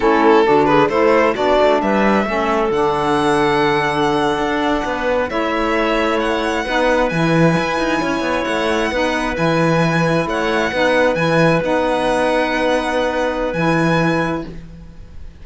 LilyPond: <<
  \new Staff \with { instrumentName = "violin" } { \time 4/4 \tempo 4 = 133 a'4. b'8 c''4 d''4 | e''2 fis''2~ | fis''2.~ fis''8. e''16~ | e''4.~ e''16 fis''2 gis''16~ |
gis''2~ gis''8. fis''4~ fis''16~ | fis''8. gis''2 fis''4~ fis''16~ | fis''8. gis''4 fis''2~ fis''16~ | fis''2 gis''2 | }
  \new Staff \with { instrumentName = "clarinet" } { \time 4/4 e'4 fis'8 gis'8 a'4 fis'4 | b'4 a'2.~ | a'2~ a'8. b'4 cis''16~ | cis''2~ cis''8. b'4~ b'16~ |
b'4.~ b'16 cis''2 b'16~ | b'2~ b'8. cis''4 b'16~ | b'1~ | b'1 | }
  \new Staff \with { instrumentName = "saxophone" } { \time 4/4 cis'4 d'4 e'4 d'4~ | d'4 cis'4 d'2~ | d'2.~ d'8. e'16~ | e'2~ e'8. dis'4 e'16~ |
e'2.~ e'8. dis'16~ | dis'8. e'2. dis'16~ | dis'8. e'4 dis'2~ dis'16~ | dis'2 e'2 | }
  \new Staff \with { instrumentName = "cello" } { \time 4/4 a4 d4 a4 b8 a8 | g4 a4 d2~ | d4.~ d16 d'4 b4 a16~ | a2~ a8. b4 e16~ |
e8. e'8 dis'8 cis'8 b8 a4 b16~ | b8. e2 a4 b16~ | b8. e4 b2~ b16~ | b2 e2 | }
>>